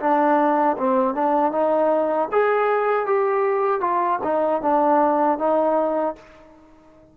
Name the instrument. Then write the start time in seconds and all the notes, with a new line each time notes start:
trombone
0.00 D4
0.78 C4
1.15 D4
1.52 D#4
2.32 G#4
3.07 G4
3.81 F4
4.24 D#4
4.62 D4
5.39 D#4